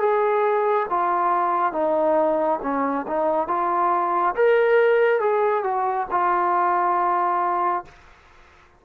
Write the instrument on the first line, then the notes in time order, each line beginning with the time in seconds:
trombone
0.00 G#4
0.90 F4
1.73 D#4
2.63 C#4
3.08 D#4
3.48 F4
4.36 A#4
5.21 G#4
5.64 F#4
6.11 F4